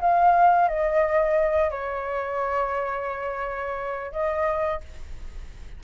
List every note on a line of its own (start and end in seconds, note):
0.00 0.68 F5
0.68 1.70 D#5
1.70 4.12 C#5
4.12 4.81 D#5